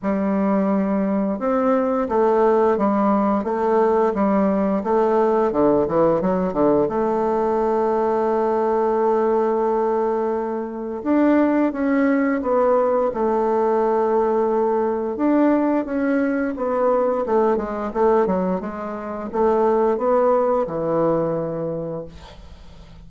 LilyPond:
\new Staff \with { instrumentName = "bassoon" } { \time 4/4 \tempo 4 = 87 g2 c'4 a4 | g4 a4 g4 a4 | d8 e8 fis8 d8 a2~ | a1 |
d'4 cis'4 b4 a4~ | a2 d'4 cis'4 | b4 a8 gis8 a8 fis8 gis4 | a4 b4 e2 | }